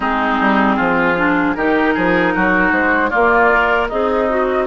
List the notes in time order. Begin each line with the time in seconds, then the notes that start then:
0.00 G#3 C4 D#4 G#4
0.40 G3
0.76 F3 F4
1.17 D4
1.55 D#3 D#4 G4 A#4
1.94 F3 G#4
2.35 F#3 F#4
2.71 G#3 C5
3.09 A#3 F4 D5
3.51 A#4
3.88 C4 D#4 G#4 D#5
4.29 F#4